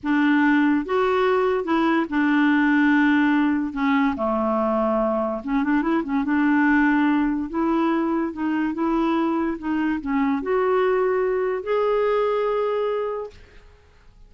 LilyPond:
\new Staff \with { instrumentName = "clarinet" } { \time 4/4 \tempo 4 = 144 d'2 fis'2 | e'4 d'2.~ | d'4 cis'4 a2~ | a4 cis'8 d'8 e'8 cis'8 d'4~ |
d'2 e'2 | dis'4 e'2 dis'4 | cis'4 fis'2. | gis'1 | }